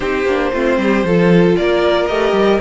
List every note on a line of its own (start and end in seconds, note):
0.00 0.25 C4
0.00 0.26 D#4
0.00 0.52 G4
0.00 1.54 C5
0.25 0.51 A#3
0.25 0.53 D4
0.52 0.77 A3
0.52 1.05 C4
0.52 0.78 F4
0.77 1.03 G3
0.77 1.06 G4
1.03 1.56 F3
1.03 2.09 F4
1.03 1.58 A4
1.56 2.09 A#3
1.56 2.61 A#4
1.56 2.06 D5
2.06 2.31 A3
2.06 2.61 G4
2.06 2.59 D#5
2.31 2.57 G3